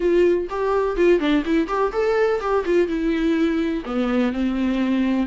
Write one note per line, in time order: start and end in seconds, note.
0.00 0.48 F4
0.49 0.96 G4
0.96 1.19 F4
1.19 1.43 D4
1.45 1.67 E4
1.67 1.91 G4
1.92 2.40 A4
2.40 2.64 G4
2.65 2.87 F4
2.87 3.83 E4
3.85 4.32 B3
4.32 5.26 C4